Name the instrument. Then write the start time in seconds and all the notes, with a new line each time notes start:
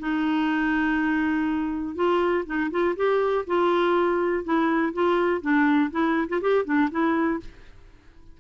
clarinet
0.00 D#4
1.96 F4
2.46 D#4
2.71 F4
2.96 G4
3.47 F4
4.44 E4
4.94 F4
5.42 D4
5.91 E4
6.29 F4
6.42 G4
6.65 D4
6.91 E4